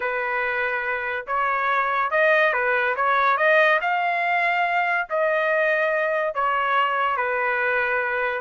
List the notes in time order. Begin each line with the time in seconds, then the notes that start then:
0.00 B4
1.27 C#5
2.10 D#5
2.53 B4
2.96 C#5
3.37 D#5
3.81 F5
5.09 D#5
6.34 C#5
7.17 B4